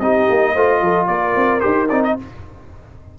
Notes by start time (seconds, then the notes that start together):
0.00 C4 D#4 G4 D#5
0.30 A#3
0.54 A3 F4 C5
0.81 F3 A4
1.07 A#3 A#4 D5
1.36 C4
1.60 D#4 G4 C5
1.90 C4 D#4 D5
2.04 D#5